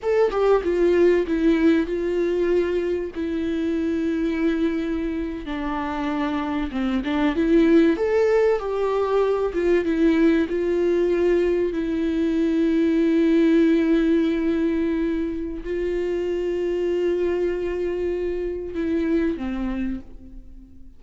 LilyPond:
\new Staff \with { instrumentName = "viola" } { \time 4/4 \tempo 4 = 96 a'8 g'8 f'4 e'4 f'4~ | f'4 e'2.~ | e'8. d'2 c'8 d'8 e'16~ | e'8. a'4 g'4. f'8 e'16~ |
e'8. f'2 e'4~ e'16~ | e'1~ | e'4 f'2.~ | f'2 e'4 c'4 | }